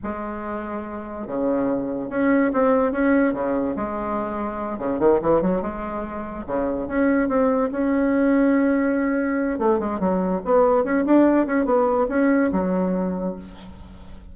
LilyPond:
\new Staff \with { instrumentName = "bassoon" } { \time 4/4 \tempo 4 = 144 gis2. cis4~ | cis4 cis'4 c'4 cis'4 | cis4 gis2~ gis8 cis8 | dis8 e8 fis8 gis2 cis8~ |
cis8 cis'4 c'4 cis'4.~ | cis'2. a8 gis8 | fis4 b4 cis'8 d'4 cis'8 | b4 cis'4 fis2 | }